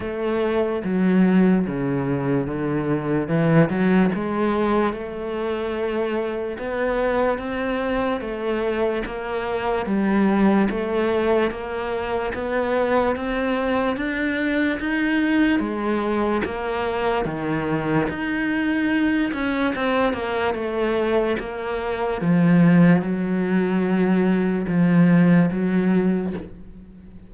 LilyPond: \new Staff \with { instrumentName = "cello" } { \time 4/4 \tempo 4 = 73 a4 fis4 cis4 d4 | e8 fis8 gis4 a2 | b4 c'4 a4 ais4 | g4 a4 ais4 b4 |
c'4 d'4 dis'4 gis4 | ais4 dis4 dis'4. cis'8 | c'8 ais8 a4 ais4 f4 | fis2 f4 fis4 | }